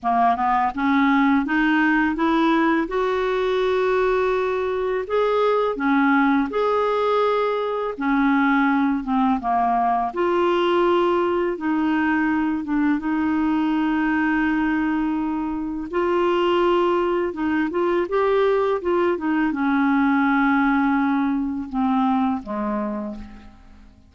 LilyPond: \new Staff \with { instrumentName = "clarinet" } { \time 4/4 \tempo 4 = 83 ais8 b8 cis'4 dis'4 e'4 | fis'2. gis'4 | cis'4 gis'2 cis'4~ | cis'8 c'8 ais4 f'2 |
dis'4. d'8 dis'2~ | dis'2 f'2 | dis'8 f'8 g'4 f'8 dis'8 cis'4~ | cis'2 c'4 gis4 | }